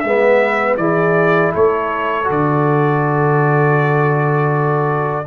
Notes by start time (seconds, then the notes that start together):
0.00 G#3 B3 E5
0.07 B4
0.77 E3 E4 G#4 D5
1.52 A3 A4 C#5
2.24 D3 F#4
2.31 D5